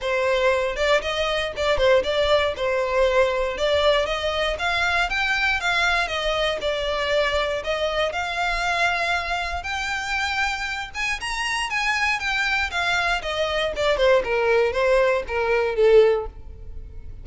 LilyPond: \new Staff \with { instrumentName = "violin" } { \time 4/4 \tempo 4 = 118 c''4. d''8 dis''4 d''8 c''8 | d''4 c''2 d''4 | dis''4 f''4 g''4 f''4 | dis''4 d''2 dis''4 |
f''2. g''4~ | g''4. gis''8 ais''4 gis''4 | g''4 f''4 dis''4 d''8 c''8 | ais'4 c''4 ais'4 a'4 | }